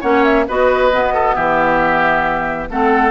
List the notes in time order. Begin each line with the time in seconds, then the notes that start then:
0.00 A#3 C#4 C#5 F#5
0.24 E5
0.48 B3 F#4 B4 D#5
0.91 B2 B3
1.14 A4
1.34 E3 G4 E5
2.69 A3 C4 A4 F#5